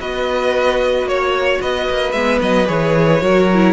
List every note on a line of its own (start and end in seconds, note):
0.00 1.04 B3
0.00 2.15 F#4
0.00 1.09 B4
0.00 1.08 D#5
1.04 1.58 A#3
1.04 1.62 C#5
1.04 1.61 C#5
1.61 1.88 B3
1.61 3.22 B4
1.61 2.12 D#5
1.90 2.13 A#3
2.12 2.40 G#3
2.12 2.66 B3
2.12 2.39 E5
2.41 2.68 F#3
2.41 2.67 D#5
2.66 3.22 E3
2.66 3.20 G#4
2.66 3.73 C#5
3.21 3.73 F#3
3.21 3.48 F#4
3.21 3.73 A#4
3.53 3.73 E4